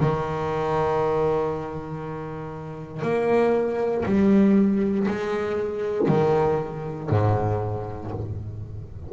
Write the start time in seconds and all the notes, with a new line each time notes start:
0.00 D#3
3.02 A#3
4.05 G3
5.08 G#3
6.08 D#3
7.10 G#2